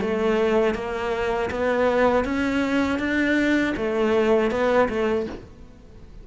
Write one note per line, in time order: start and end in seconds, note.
0.00 0.74 A3
0.74 1.49 A#3
1.50 2.24 B3
2.24 2.99 C#4
2.99 3.74 D4
3.76 4.50 A3
4.50 4.88 B3
4.89 5.26 A3